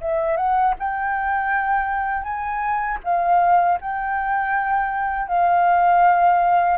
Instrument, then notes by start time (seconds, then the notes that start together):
flute
0.00 E5
0.36 F#5
0.79 G5
2.23 G#5
3.03 F5
3.80 G5
5.28 F5